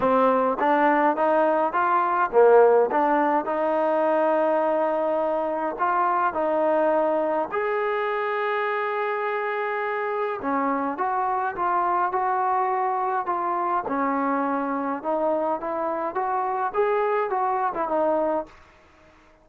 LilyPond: \new Staff \with { instrumentName = "trombone" } { \time 4/4 \tempo 4 = 104 c'4 d'4 dis'4 f'4 | ais4 d'4 dis'2~ | dis'2 f'4 dis'4~ | dis'4 gis'2.~ |
gis'2 cis'4 fis'4 | f'4 fis'2 f'4 | cis'2 dis'4 e'4 | fis'4 gis'4 fis'8. e'16 dis'4 | }